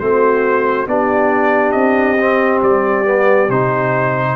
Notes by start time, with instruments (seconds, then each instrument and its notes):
0.00 tuba A3, trombone C4, horn F#4, trumpet C5
0.86 tuba B3, trombone D4, horn G4, trumpet D5
1.71 tuba C4, trumpet D#5
2.20 trombone C4
2.62 tuba G3, trumpet D5
3.05 trombone B3
3.48 tuba C3, trombone D#4, trumpet C5